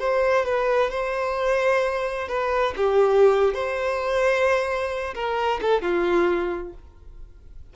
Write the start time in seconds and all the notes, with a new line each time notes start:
0.00 C5
0.46 B4
0.91 C5
2.29 B4
2.77 G4
3.54 C5
5.15 A#4
5.62 A4
5.82 F4